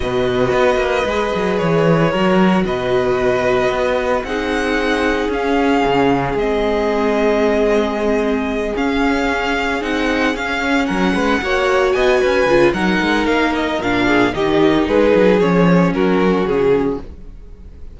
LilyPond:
<<
  \new Staff \with { instrumentName = "violin" } { \time 4/4 \tempo 4 = 113 dis''2. cis''4~ | cis''4 dis''2. | fis''2 f''2 | dis''1~ |
dis''8 f''2 fis''4 f''8~ | f''8 fis''2 gis''4. | fis''4 f''8 dis''8 f''4 dis''4 | b'4 cis''4 ais'4 gis'4 | }
  \new Staff \with { instrumentName = "violin" } { \time 4/4 b'1 | ais'4 b'2. | gis'1~ | gis'1~ |
gis'1~ | gis'8 ais'8 b'8 cis''4 dis''8 b'4 | ais'2~ ais'8 gis'8 g'4 | gis'2 fis'2 | }
  \new Staff \with { instrumentName = "viola" } { \time 4/4 fis'2 gis'2 | fis'1 | dis'2 cis'2 | c'1~ |
c'8 cis'2 dis'4 cis'8~ | cis'4. fis'2 f'8 | dis'2 d'4 dis'4~ | dis'4 cis'2. | }
  \new Staff \with { instrumentName = "cello" } { \time 4/4 b,4 b8 ais8 gis8 fis8 e4 | fis4 b,2 b4 | c'2 cis'4 cis4 | gis1~ |
gis8 cis'2 c'4 cis'8~ | cis'8 fis8 gis8 ais4 b8 cis'8 cis8 | fis8 gis8 ais4 ais,4 dis4 | gis8 fis8 f4 fis4 cis4 | }
>>